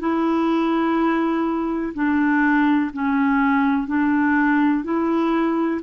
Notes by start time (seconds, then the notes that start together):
0.00 E4
1.94 D4
2.94 C#4
3.88 D4
4.85 E4